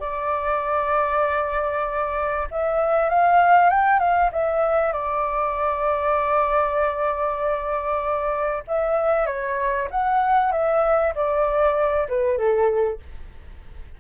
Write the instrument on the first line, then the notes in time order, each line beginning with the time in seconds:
flute
0.00 D5
2.51 E5
3.09 F5
3.70 G5
3.99 F5
4.32 E5
4.92 D5
8.67 E5
9.26 C#5
9.91 F#5
10.52 E5
11.15 D5
12.08 B4
12.38 A4